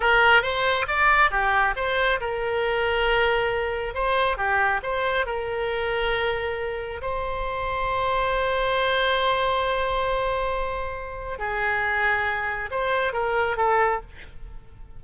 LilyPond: \new Staff \with { instrumentName = "oboe" } { \time 4/4 \tempo 4 = 137 ais'4 c''4 d''4 g'4 | c''4 ais'2.~ | ais'4 c''4 g'4 c''4 | ais'1 |
c''1~ | c''1~ | c''2 gis'2~ | gis'4 c''4 ais'4 a'4 | }